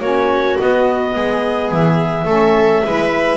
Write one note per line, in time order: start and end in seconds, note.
0.00 0.57 A#3
0.00 0.59 C#4
0.00 1.14 F#4
0.00 0.58 C#5
0.59 2.26 B3
0.59 1.15 B3
0.59 1.72 D#5
1.15 1.72 G#3
1.15 2.27 G#4
1.72 2.25 E3
1.72 3.37 E5
2.25 2.82 A3
2.25 2.83 C#4
2.25 2.83 A4
2.85 3.37 G#3
2.85 3.37 E4
2.85 3.37 B4